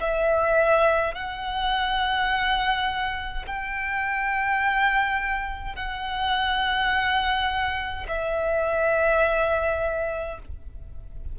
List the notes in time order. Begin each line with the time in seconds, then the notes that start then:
0.00 E5
1.14 F#5
3.47 G5
5.75 F#5
8.08 E5